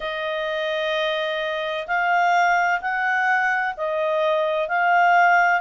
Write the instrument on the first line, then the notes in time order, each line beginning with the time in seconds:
clarinet
0.00 D#5
1.87 F5
2.81 F#5
3.77 D#5
4.68 F5